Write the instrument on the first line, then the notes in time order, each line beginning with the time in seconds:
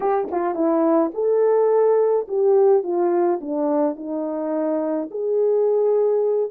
horn
0.00 G4
0.31 F4
0.54 E4
1.13 A4
2.27 G4
2.83 F4
3.40 D4
3.95 D#4
5.10 G#4